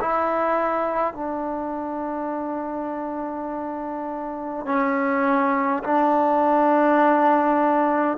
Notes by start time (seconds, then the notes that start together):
0.00 E4
1.13 D4
4.65 C#4
5.83 D4